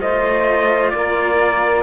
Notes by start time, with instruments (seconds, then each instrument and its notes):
0.00 cello A3 F4, saxophone C5, trumpet D#5
0.90 cello A#3, saxophone A#4, trumpet D5